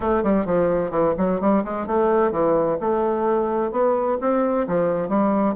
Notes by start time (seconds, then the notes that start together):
0.00 A3
0.23 G3
0.45 F3
0.90 E3
1.17 F#3
1.41 G3
1.64 G#3
1.86 A3
2.31 E3
2.80 A3
3.71 B3
4.20 C4
4.67 F3
5.08 G3